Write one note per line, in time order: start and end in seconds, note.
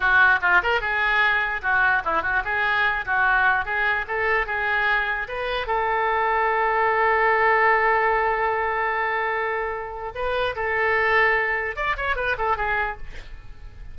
0.00 0.39 F#4
0.41 0.61 F4
0.62 0.80 A#4
0.80 1.61 G#4
1.62 2.02 F#4
2.05 2.22 E4
2.22 2.42 F#4
2.44 3.05 G#4
3.05 3.65 F#4
3.65 4.05 G#4
4.07 4.46 A4
4.46 5.27 G#4
5.28 5.66 B4
5.66 10.12 A4
10.14 10.55 B4
10.55 11.76 A4
11.76 11.96 D5
11.96 12.16 C#5
12.16 12.36 B4
12.37 12.56 A4
12.56 12.97 G#4